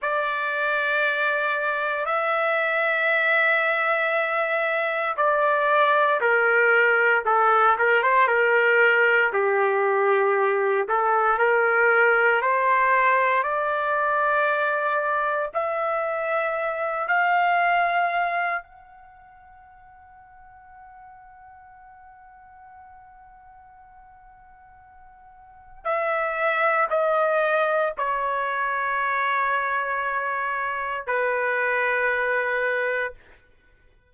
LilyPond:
\new Staff \with { instrumentName = "trumpet" } { \time 4/4 \tempo 4 = 58 d''2 e''2~ | e''4 d''4 ais'4 a'8 ais'16 c''16 | ais'4 g'4. a'8 ais'4 | c''4 d''2 e''4~ |
e''8 f''4. fis''2~ | fis''1~ | fis''4 e''4 dis''4 cis''4~ | cis''2 b'2 | }